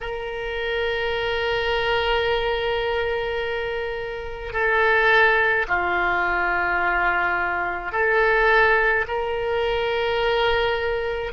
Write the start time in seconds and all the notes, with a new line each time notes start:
0.00 A#4
4.52 A4
5.68 F4
7.91 A4
9.07 A#4